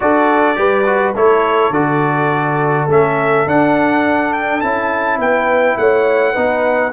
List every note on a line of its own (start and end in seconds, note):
0.00 0.57 D4
0.00 0.55 F#4
0.00 0.58 A4
0.00 1.14 D5
0.55 1.14 G3
0.55 0.84 G4
0.55 1.15 B4
0.86 1.14 F#4
1.15 1.70 A3
1.15 1.73 E4
1.15 5.19 A4
1.15 1.72 C#5
1.70 2.86 D3
1.70 2.88 F#4
1.70 2.88 D5
2.88 3.46 A3
2.88 3.47 C#4
2.88 3.48 E5
3.46 4.61 D4
3.46 4.62 D4
3.46 4.33 F#5
4.33 4.60 G5
4.60 5.18 C#4
4.60 6.34 E4
4.60 5.18 A5
5.18 5.76 B3
5.18 5.77 B4
5.18 5.77 G5
5.77 6.35 A3
5.77 6.32 C#5
5.77 6.92 F#5
6.32 6.92 B3
6.32 6.92 D#4
6.32 6.90 B4